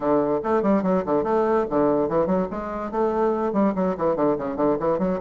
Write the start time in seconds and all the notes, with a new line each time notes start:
0.00 D3
0.43 A3
0.62 G3
0.83 F#3
1.05 D3
1.23 A3
1.70 D3
2.09 E3
2.26 F#3
2.50 G#3
2.91 A3
3.52 G3
3.75 F#3
3.97 E3
4.16 D3
4.37 C#3
4.56 D3
4.79 E3
4.98 F#3